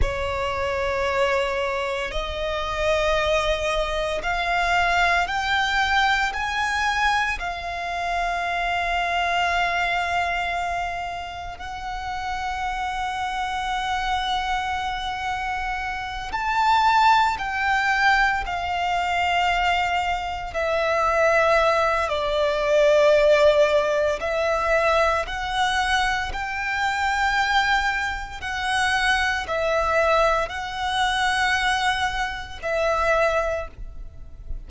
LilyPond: \new Staff \with { instrumentName = "violin" } { \time 4/4 \tempo 4 = 57 cis''2 dis''2 | f''4 g''4 gis''4 f''4~ | f''2. fis''4~ | fis''2.~ fis''8 a''8~ |
a''8 g''4 f''2 e''8~ | e''4 d''2 e''4 | fis''4 g''2 fis''4 | e''4 fis''2 e''4 | }